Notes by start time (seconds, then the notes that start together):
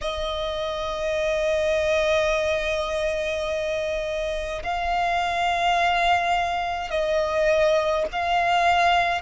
0.01 D#5
4.63 F5
6.90 D#5
8.11 F5